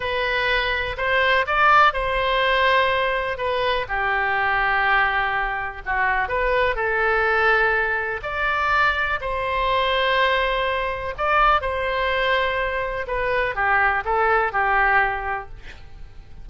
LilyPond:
\new Staff \with { instrumentName = "oboe" } { \time 4/4 \tempo 4 = 124 b'2 c''4 d''4 | c''2. b'4 | g'1 | fis'4 b'4 a'2~ |
a'4 d''2 c''4~ | c''2. d''4 | c''2. b'4 | g'4 a'4 g'2 | }